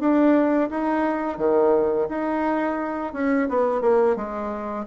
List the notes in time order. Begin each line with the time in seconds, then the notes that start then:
0.00 D4
0.70 D#4
1.38 D#3
2.09 D#4
3.13 C#4
3.49 B3
3.81 A#3
4.16 G#3